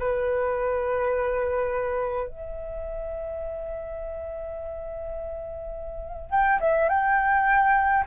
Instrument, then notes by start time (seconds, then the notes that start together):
flute
0.00 B4
2.28 E5
6.30 G5
6.61 E5
6.89 G5